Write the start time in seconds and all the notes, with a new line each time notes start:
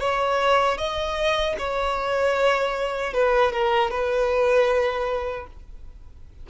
0.00 C#5
0.78 D#5
1.58 C#5
3.13 B4
3.52 A#4
3.91 B4